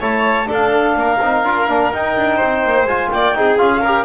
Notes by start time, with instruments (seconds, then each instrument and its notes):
0.00 double bass A3, trombone E4, violin C#5, clarinet A5
0.46 trombone D4, double bass D4, violin A4
0.52 clarinet F5
0.96 double bass A#3, violin A#4
1.20 double bass C4, trombone D#4
1.44 double bass D4, trombone F4
1.68 double bass A#3, trombone D4
1.92 double bass D#4, trombone D#4, clarinet G5
2.16 double bass D4
2.36 double bass C4, violin C5
2.65 double bass A#3
2.85 double bass G#3, trombone F4, clarinet G#5
3.10 double bass A#3, violin D5, clarinet G5
3.34 double bass C4, trombone D#4, violin G#4
3.57 double bass C#4, trombone F4, clarinet F5
3.81 trombone G4, violin A#4